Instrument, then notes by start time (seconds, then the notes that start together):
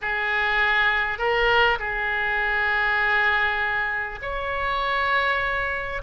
oboe
0.01 G#4
1.18 A#4
1.79 G#4
4.21 C#5